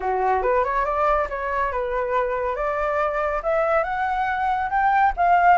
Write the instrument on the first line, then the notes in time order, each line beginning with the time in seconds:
flute
0.00 F#4
0.42 B4
0.64 C#5
0.85 D5
1.29 C#5
1.71 B4
2.55 D5
3.42 E5
3.83 F#5
4.69 G5
5.16 F5